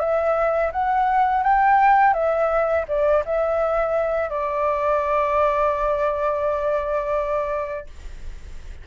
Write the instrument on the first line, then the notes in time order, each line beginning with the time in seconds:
flute
0.00 E5
0.72 F#5
1.44 G5
2.14 E5
2.88 D5
3.25 E5
4.30 D5